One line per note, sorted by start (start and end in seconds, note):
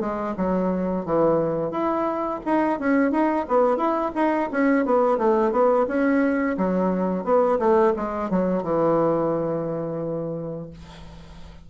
0.00 0.34 G#3
0.37 1.05 F#3
1.05 1.71 E3
1.71 2.40 E4
2.45 2.79 D#4
2.79 3.11 C#4
3.11 3.46 D#4
3.48 3.77 B3
3.77 4.11 E4
4.15 4.50 D#4
4.51 4.85 C#4
4.85 5.18 B3
5.18 5.51 A3
5.51 5.86 B3
5.87 6.56 C#4
6.57 7.24 F#3
7.24 7.59 B3
7.59 7.93 A3
7.96 8.30 G#3
8.30 8.63 F#3
8.63 10.70 E3